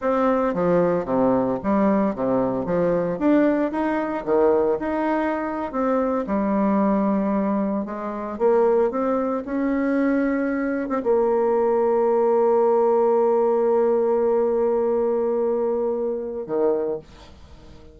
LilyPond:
\new Staff \with { instrumentName = "bassoon" } { \time 4/4 \tempo 4 = 113 c'4 f4 c4 g4 | c4 f4 d'4 dis'4 | dis4 dis'4.~ dis'16 c'4 g16~ | g2~ g8. gis4 ais16~ |
ais8. c'4 cis'2~ cis'16~ | cis'8 c'16 ais2.~ ais16~ | ais1~ | ais2. dis4 | }